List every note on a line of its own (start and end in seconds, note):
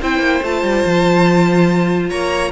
0.00 0.19 C4
0.00 0.44 E4
0.00 2.09 C5
0.00 0.44 G5
0.19 0.40 A#3
0.42 0.62 A3
0.42 2.52 F4
0.42 2.09 A5
0.62 0.83 G3
0.85 2.11 F3
2.09 2.52 A#3
2.09 2.51 C#5
2.09 2.51 A#5